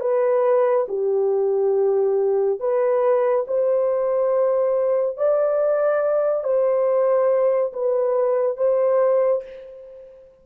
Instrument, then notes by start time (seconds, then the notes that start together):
horn
0.00 B4
0.88 G4
2.59 B4
3.47 C5
5.17 D5
6.44 C5
7.73 B4
8.57 C5